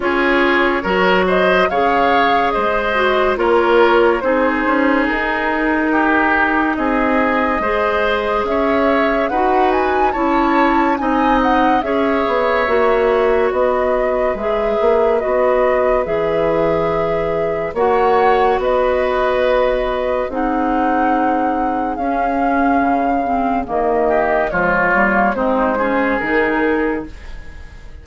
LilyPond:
<<
  \new Staff \with { instrumentName = "flute" } { \time 4/4 \tempo 4 = 71 cis''4. dis''8 f''4 dis''4 | cis''4 c''4 ais'2 | dis''2 e''4 fis''8 gis''8 | a''4 gis''8 fis''8 e''2 |
dis''4 e''4 dis''4 e''4~ | e''4 fis''4 dis''2 | fis''2 f''2 | dis''4 cis''4 c''4 ais'4 | }
  \new Staff \with { instrumentName = "oboe" } { \time 4/4 gis'4 ais'8 c''8 cis''4 c''4 | ais'4 gis'2 g'4 | gis'4 c''4 cis''4 b'4 | cis''4 dis''4 cis''2 |
b'1~ | b'4 cis''4 b'2 | gis'1~ | gis'8 g'8 f'4 dis'8 gis'4. | }
  \new Staff \with { instrumentName = "clarinet" } { \time 4/4 f'4 fis'4 gis'4. fis'8 | f'4 dis'2.~ | dis'4 gis'2 fis'4 | e'4 dis'4 gis'4 fis'4~ |
fis'4 gis'4 fis'4 gis'4~ | gis'4 fis'2. | dis'2 cis'4. c'8 | ais4 gis8 ais8 c'8 cis'8 dis'4 | }
  \new Staff \with { instrumentName = "bassoon" } { \time 4/4 cis'4 fis4 cis4 gis4 | ais4 c'8 cis'8 dis'2 | c'4 gis4 cis'4 dis'4 | cis'4 c'4 cis'8 b8 ais4 |
b4 gis8 ais8 b4 e4~ | e4 ais4 b2 | c'2 cis'4 cis4 | dis4 f8 g8 gis4 dis4 | }
>>